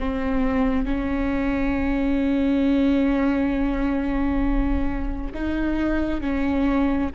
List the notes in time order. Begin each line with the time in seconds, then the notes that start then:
0.00 C4
0.85 C#4
5.34 D#4
6.21 C#4